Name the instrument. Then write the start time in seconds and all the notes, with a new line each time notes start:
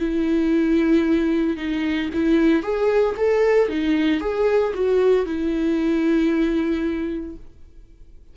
viola
0.00 E4
1.57 D#4
2.14 E4
2.63 G#4
3.17 A4
3.69 D#4
4.21 G#4
4.74 F#4
5.26 E4